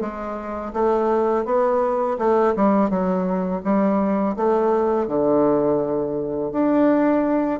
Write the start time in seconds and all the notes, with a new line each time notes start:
0.00 G#3
0.73 A3
1.45 B3
2.18 A3
2.56 G3
2.89 F#3
3.63 G3
4.36 A3
5.07 D3
6.52 D4